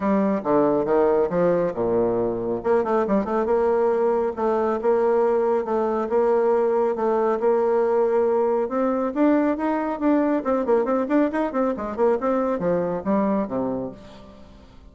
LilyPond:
\new Staff \with { instrumentName = "bassoon" } { \time 4/4 \tempo 4 = 138 g4 d4 dis4 f4 | ais,2 ais8 a8 g8 a8 | ais2 a4 ais4~ | ais4 a4 ais2 |
a4 ais2. | c'4 d'4 dis'4 d'4 | c'8 ais8 c'8 d'8 dis'8 c'8 gis8 ais8 | c'4 f4 g4 c4 | }